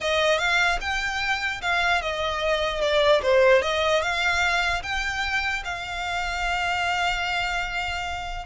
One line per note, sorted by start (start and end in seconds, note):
0.01 0.38 D#5
0.38 0.78 F5
0.81 1.61 G5
1.61 2.01 F5
2.01 2.81 D#5
2.81 3.21 D5
3.22 3.61 C5
3.61 4.02 D#5
4.02 4.82 F5
4.82 5.63 G5
5.64 8.45 F5